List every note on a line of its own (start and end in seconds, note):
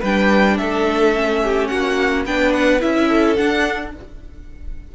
0.00 0.59 G3
0.00 1.15 D4
0.00 0.56 B4
0.00 0.58 G5
0.58 1.70 A3
0.58 1.43 A4
0.58 1.67 E5
1.15 2.26 C#4
1.44 1.72 G4
1.67 2.26 A#3
1.67 2.25 F#4
1.67 2.23 F#5
2.25 2.81 B3
2.25 2.81 D4
2.25 3.08 B4
2.25 2.53 G5
2.53 2.81 F#5
2.81 3.39 C#4
2.81 3.36 E4
2.81 3.36 E5
3.08 3.91 A4
3.36 3.93 D4
3.36 3.95 D4
3.36 3.92 F#5